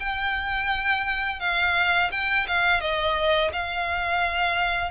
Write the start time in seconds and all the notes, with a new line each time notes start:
0.00 G5
1.40 F5
2.12 G5
2.48 F5
2.81 D#5
3.53 F5